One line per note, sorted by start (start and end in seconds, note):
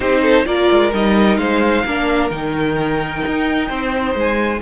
0.00 0.45 C4
0.00 0.45 D#4
0.00 0.21 G4
0.00 0.45 C5
0.22 0.45 A4
0.45 0.69 A#3
0.45 0.91 F4
0.45 1.39 A#4
0.45 0.91 D5
0.71 0.93 G#3
0.93 1.37 G3
0.93 1.86 D#4
0.93 1.37 D#5
1.37 1.83 G#3
1.37 1.85 C5
1.37 2.29 F5
1.85 2.30 A#3
1.85 2.30 D4
1.85 3.68 A#4
2.30 3.22 D#3
2.30 4.61 D#4
2.30 4.15 G5
3.26 3.70 D#4
3.68 4.15 C4
3.68 4.60 C5
4.15 4.61 G#3
4.15 4.61 G#5